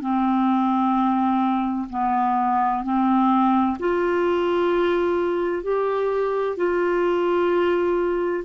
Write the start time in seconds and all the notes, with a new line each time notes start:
0.00 C4
1.90 B3
2.83 C4
3.79 F4
5.62 G4
6.56 F4